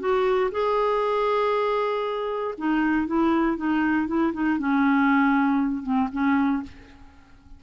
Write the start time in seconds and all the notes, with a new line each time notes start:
0.00 F#4
0.52 G#4
2.58 D#4
3.07 E4
3.57 D#4
4.07 E4
4.33 D#4
4.59 C#4
5.83 C4
6.12 C#4